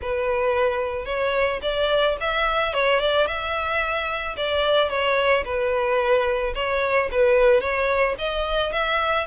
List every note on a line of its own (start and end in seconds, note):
0.01 1.05 B4
1.05 1.59 C#5
1.62 2.16 D5
2.20 2.73 E5
2.73 2.99 C#5
2.99 3.26 D5
3.26 4.35 E5
4.36 4.89 D5
4.89 5.44 C#5
5.44 6.53 B4
6.55 7.09 C#5
7.11 7.60 B4
7.60 8.15 C#5
8.18 8.72 D#5
8.72 9.26 E5